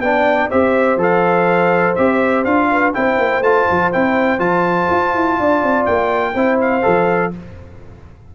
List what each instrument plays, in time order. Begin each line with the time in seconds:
0.00 tuba B3, trombone D4, horn D5, trumpet G5
0.50 tuba C4, trombone G4, horn C5, trumpet E5
0.97 tuba F3, trombone A4, trumpet F5
1.96 tuba C4, trombone G4, trumpet E5
2.45 tuba D4, trombone F4, trumpet F5
2.72 horn B4
2.94 tuba C4, trombone E4, horn C5, trumpet G5
3.18 tuba A#3
3.41 tuba A3, trombone F4, trumpet A5
3.71 tuba F3
3.93 tuba C4, trombone E4, trumpet G5
4.39 tuba F3, trombone F4, trumpet A5
4.91 tuba F4
5.15 tuba E4
5.39 tuba D4, horn D5
5.63 tuba C4
5.86 tuba A#3, trumpet G5
6.34 tuba C4, trombone E4, horn C5
6.61 trumpet F5
6.83 tuba F3, trombone A4